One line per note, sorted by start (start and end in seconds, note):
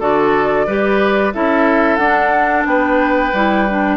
0.00 0.67 D3
0.00 0.67 F#4
0.00 0.67 A4
0.00 1.34 D5
0.67 1.34 G3
0.67 1.34 G4
0.67 1.34 B4
1.34 1.99 C#4
1.34 2.00 E4
1.34 2.68 A4
1.34 1.97 E5
1.97 2.65 D4
1.97 3.34 D4
1.97 2.63 F#5
2.66 3.33 B3
2.66 3.98 B4
2.66 3.98 G5
3.33 3.98 G3
3.33 3.68 E4
3.70 3.98 D4